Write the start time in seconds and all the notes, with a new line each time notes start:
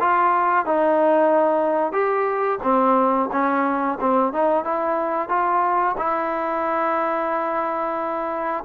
0.00 F4
0.66 D#4
1.92 G4
2.63 C4
3.32 C#4
4.01 C4
4.33 D#4
4.65 E4
5.29 F4
5.98 E4